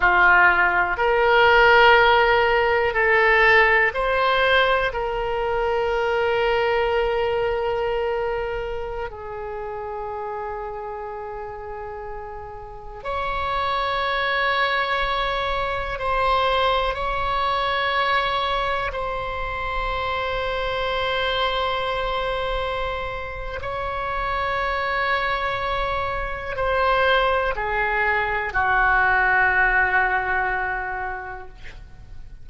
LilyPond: \new Staff \with { instrumentName = "oboe" } { \time 4/4 \tempo 4 = 61 f'4 ais'2 a'4 | c''4 ais'2.~ | ais'4~ ais'16 gis'2~ gis'8.~ | gis'4~ gis'16 cis''2~ cis''8.~ |
cis''16 c''4 cis''2 c''8.~ | c''1 | cis''2. c''4 | gis'4 fis'2. | }